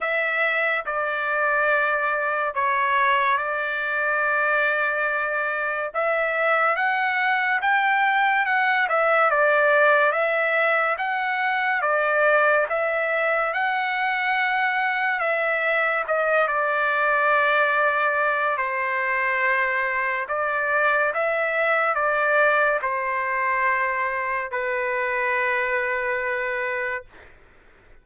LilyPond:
\new Staff \with { instrumentName = "trumpet" } { \time 4/4 \tempo 4 = 71 e''4 d''2 cis''4 | d''2. e''4 | fis''4 g''4 fis''8 e''8 d''4 | e''4 fis''4 d''4 e''4 |
fis''2 e''4 dis''8 d''8~ | d''2 c''2 | d''4 e''4 d''4 c''4~ | c''4 b'2. | }